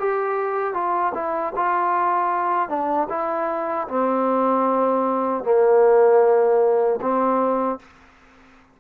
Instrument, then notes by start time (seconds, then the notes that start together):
trombone
0.00 G4
0.74 F4
1.15 E4
1.56 F4
2.70 D4
3.10 E4
3.88 C4
5.44 A#3
7.02 C4